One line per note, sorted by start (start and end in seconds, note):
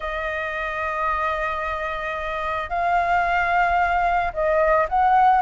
0.00 2.69 D#5
2.69 4.31 F5
4.33 4.87 D#5
4.88 5.41 F#5